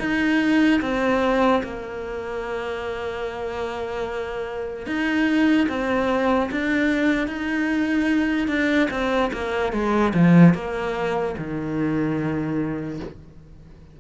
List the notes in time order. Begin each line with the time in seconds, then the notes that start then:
0.00 D#4
0.82 C4
1.64 A#3
4.87 D#4
5.69 C4
6.52 D4
7.28 D#4
8.48 D4
8.91 C4
9.34 A#3
9.73 G#3
10.14 F3
10.55 A#3
11.38 D#3